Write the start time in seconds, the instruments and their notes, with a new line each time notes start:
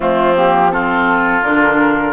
0.00 bassoon F3, clarinet A3, oboe C4, flute F4
0.36 clarinet A#3, flute G4
0.71 clarinet C4, oboe F4, flute A4
1.42 bassoon D3, clarinet D4, flute A#4